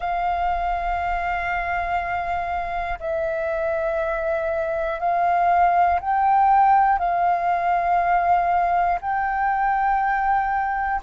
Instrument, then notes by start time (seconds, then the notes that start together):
flute
0.00 F5
2.99 E5
4.99 F5
6.00 G5
6.99 F5
9.00 G5